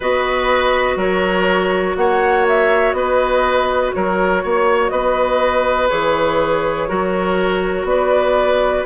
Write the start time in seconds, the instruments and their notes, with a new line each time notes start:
0.00 bassoon B3, clarinet F#4, oboe B4, flute D#5
0.95 bassoon F#3, oboe A#4, flute C#5
1.96 bassoon A#3, oboe C#5, flute F#5
2.48 flute E5
2.92 bassoon B3, oboe B4, flute D#5
3.93 bassoon F#3, oboe A#4, flute C#5
4.43 bassoon A#3, oboe C#5
4.89 bassoon B3, oboe B4, flute D#5
5.88 bassoon E3, clarinet G#4, flute C#5
6.88 bassoon F#3, clarinet F#4, oboe A#4
7.83 bassoon B3, oboe B4, flute D5